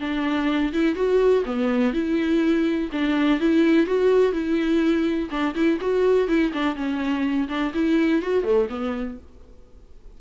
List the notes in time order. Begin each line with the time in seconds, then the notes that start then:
0.00 D4
0.73 E4
0.95 F#4
1.45 B3
1.93 E4
2.92 D4
3.40 E4
3.87 F#4
4.33 E4
5.30 D4
5.55 E4
5.81 F#4
6.28 E4
6.53 D4
6.76 C#4
7.48 D4
7.74 E4
8.22 F#4
8.44 A3
8.69 B3